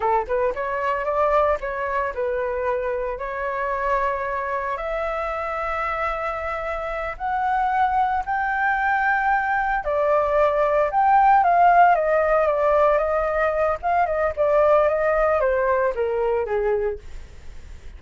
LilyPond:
\new Staff \with { instrumentName = "flute" } { \time 4/4 \tempo 4 = 113 a'8 b'8 cis''4 d''4 cis''4 | b'2 cis''2~ | cis''4 e''2.~ | e''4. fis''2 g''8~ |
g''2~ g''8 d''4.~ | d''8 g''4 f''4 dis''4 d''8~ | d''8 dis''4. f''8 dis''8 d''4 | dis''4 c''4 ais'4 gis'4 | }